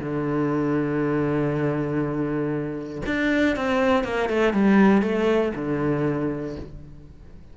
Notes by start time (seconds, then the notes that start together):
0.00 D3
3.06 D4
3.56 C4
4.05 A#3
4.30 A3
4.53 G3
5.02 A3
5.55 D3